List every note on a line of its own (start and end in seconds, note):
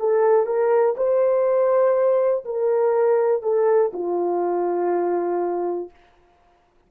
0.00 0.46 A4
0.46 0.95 A#4
0.97 2.45 C5
2.45 3.42 A#4
3.42 3.92 A4
3.93 5.90 F4